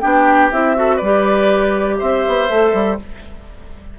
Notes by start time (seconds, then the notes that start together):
0.00 B3 D4 G4 G5
0.51 C4 E4 E5
0.75 F#4 A4
0.96 G3 B4 D5
1.04 G4
1.99 C4 C5 E5
2.27 B3
2.49 A3 A4
2.73 G3